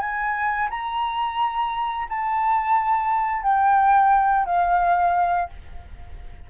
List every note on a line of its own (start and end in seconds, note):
0.00 0.69 G#5
0.70 2.08 A#5
2.09 3.43 A5
3.43 4.46 G5
4.46 5.49 F5